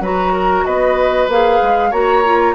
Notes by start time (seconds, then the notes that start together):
0.00 F#3 F#4 B4 A#5
0.32 A#4
0.65 B3 B4 D#5
1.28 A#3 G#4 F5
1.62 G#3
1.90 A#3 F#4 C#5 A#5
2.25 F4